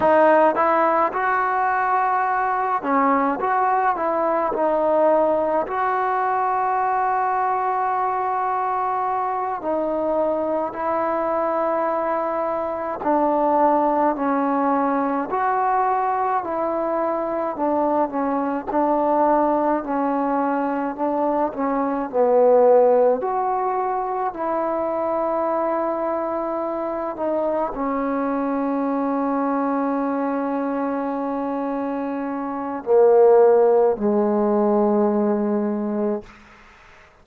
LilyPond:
\new Staff \with { instrumentName = "trombone" } { \time 4/4 \tempo 4 = 53 dis'8 e'8 fis'4. cis'8 fis'8 e'8 | dis'4 fis'2.~ | fis'8 dis'4 e'2 d'8~ | d'8 cis'4 fis'4 e'4 d'8 |
cis'8 d'4 cis'4 d'8 cis'8 b8~ | b8 fis'4 e'2~ e'8 | dis'8 cis'2.~ cis'8~ | cis'4 ais4 gis2 | }